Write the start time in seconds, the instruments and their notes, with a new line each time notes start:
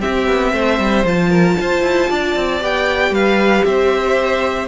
0.00 viola C4, cello C4, violin G4 E5
0.27 cello B3
0.53 cello A3, violin C5
0.79 cello G3
1.04 cello F3, viola F4, violin A5
1.30 violin A#4
1.61 cello F4, violin C5
1.82 cello E4
2.10 cello D4, violin D5
2.36 cello C4
2.60 cello B3, viola G4, violin G5
3.11 cello G3, violin B4 F5
3.65 cello C4, violin C5 E5